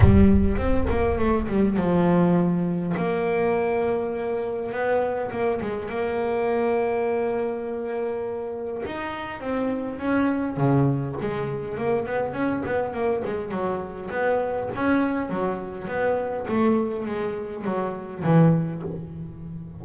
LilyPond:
\new Staff \with { instrumentName = "double bass" } { \time 4/4 \tempo 4 = 102 g4 c'8 ais8 a8 g8 f4~ | f4 ais2. | b4 ais8 gis8 ais2~ | ais2. dis'4 |
c'4 cis'4 cis4 gis4 | ais8 b8 cis'8 b8 ais8 gis8 fis4 | b4 cis'4 fis4 b4 | a4 gis4 fis4 e4 | }